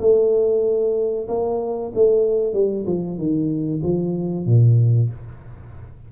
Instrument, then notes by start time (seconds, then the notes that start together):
tuba
0.00 A3
1.29 A#3
1.95 A3
2.54 G3
2.86 F3
3.18 D#3
3.83 F3
4.46 A#2